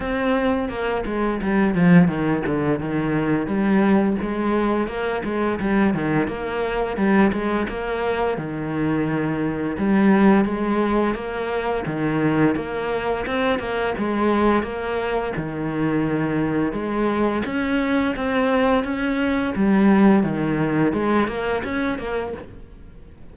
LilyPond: \new Staff \with { instrumentName = "cello" } { \time 4/4 \tempo 4 = 86 c'4 ais8 gis8 g8 f8 dis8 d8 | dis4 g4 gis4 ais8 gis8 | g8 dis8 ais4 g8 gis8 ais4 | dis2 g4 gis4 |
ais4 dis4 ais4 c'8 ais8 | gis4 ais4 dis2 | gis4 cis'4 c'4 cis'4 | g4 dis4 gis8 ais8 cis'8 ais8 | }